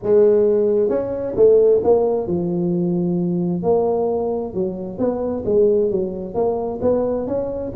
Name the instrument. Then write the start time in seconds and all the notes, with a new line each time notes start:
tuba
0.02 G#3
0.89 C#4
1.35 A3
1.83 A#3
2.27 F3
3.62 A#3
4.54 F#3
4.98 B3
5.45 G#3
5.90 F#3
6.34 A#3
6.81 B3
7.27 C#4